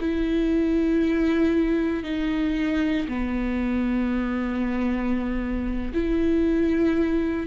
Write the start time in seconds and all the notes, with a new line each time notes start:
0.00 E4
2.03 D#4
3.08 B3
5.93 E4